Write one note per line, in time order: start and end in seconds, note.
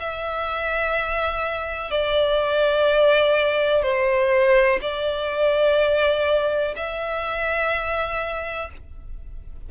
0.00 1.91 E5
1.91 3.83 D5
3.83 4.80 C5
4.82 6.75 D5
6.77 8.70 E5